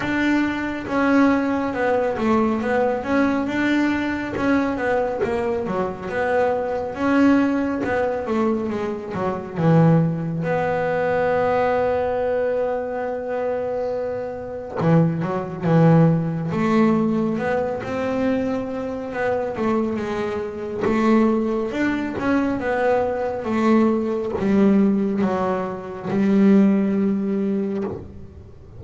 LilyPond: \new Staff \with { instrumentName = "double bass" } { \time 4/4 \tempo 4 = 69 d'4 cis'4 b8 a8 b8 cis'8 | d'4 cis'8 b8 ais8 fis8 b4 | cis'4 b8 a8 gis8 fis8 e4 | b1~ |
b4 e8 fis8 e4 a4 | b8 c'4. b8 a8 gis4 | a4 d'8 cis'8 b4 a4 | g4 fis4 g2 | }